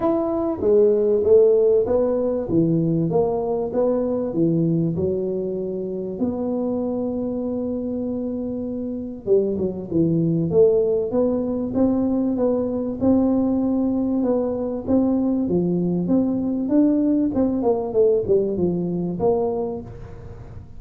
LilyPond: \new Staff \with { instrumentName = "tuba" } { \time 4/4 \tempo 4 = 97 e'4 gis4 a4 b4 | e4 ais4 b4 e4 | fis2 b2~ | b2. g8 fis8 |
e4 a4 b4 c'4 | b4 c'2 b4 | c'4 f4 c'4 d'4 | c'8 ais8 a8 g8 f4 ais4 | }